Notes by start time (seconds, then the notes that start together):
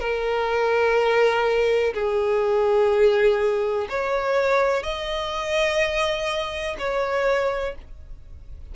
0.00 A#4
1.94 G#4
3.90 C#5
4.83 D#5
6.78 C#5